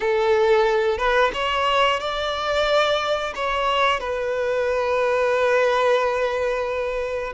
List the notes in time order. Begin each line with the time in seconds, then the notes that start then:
0.00 A4
0.98 B4
1.33 C#5
2.00 D5
3.35 C#5
4.00 B4